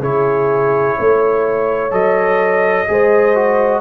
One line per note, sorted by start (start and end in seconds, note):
0.00 0.95 C#3
0.00 1.91 E4
0.00 0.96 G#4
0.00 1.93 C#5
0.98 1.92 A3
0.98 2.88 C#5
1.91 2.87 F#3
1.91 2.86 A4
1.91 3.81 D#5
2.88 3.81 G#3
2.88 3.35 G#4
2.88 3.81 C5
3.35 3.81 F#4